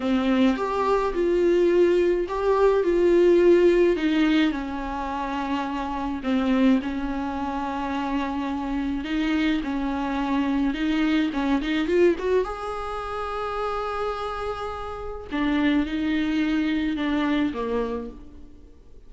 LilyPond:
\new Staff \with { instrumentName = "viola" } { \time 4/4 \tempo 4 = 106 c'4 g'4 f'2 | g'4 f'2 dis'4 | cis'2. c'4 | cis'1 |
dis'4 cis'2 dis'4 | cis'8 dis'8 f'8 fis'8 gis'2~ | gis'2. d'4 | dis'2 d'4 ais4 | }